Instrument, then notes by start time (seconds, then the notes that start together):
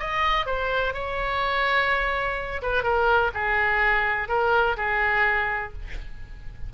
oboe
0.00 D#5
0.46 C5
0.94 C#5
2.62 B4
2.84 A#4
3.34 G#4
4.29 A#4
4.77 G#4